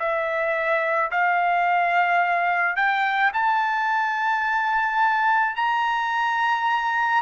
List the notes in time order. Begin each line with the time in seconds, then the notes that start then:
0.00 E5
1.11 F5
2.76 G5
3.34 A5
5.56 A#5